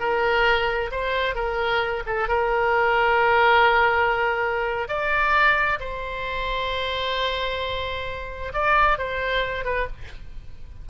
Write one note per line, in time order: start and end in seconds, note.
0.00 0.91 A#4
0.92 1.35 C5
1.35 2.04 A#4
2.06 2.29 A4
2.29 4.88 A#4
4.88 5.79 D5
5.80 8.53 C5
8.54 8.98 D5
8.98 9.65 C5
9.65 9.88 B4